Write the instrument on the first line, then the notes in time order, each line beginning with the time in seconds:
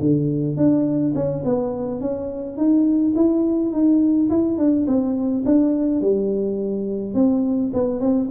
tuba
0.00 D3
0.56 D4
1.15 C#4
1.44 B3
2.01 C#4
2.57 D#4
3.15 E4
3.72 D#4
4.30 E4
4.58 D4
4.87 C4
5.45 D4
6.01 G3
7.14 C4
7.73 B3
8.00 C4